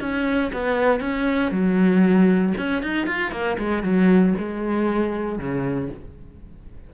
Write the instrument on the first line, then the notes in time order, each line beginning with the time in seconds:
cello
0.00 C#4
0.53 B3
1.00 C#4
1.51 F#3
2.57 C#4
2.83 D#4
3.07 F4
3.31 A#3
3.58 G#3
3.83 F#3
4.38 G#3
5.38 C#3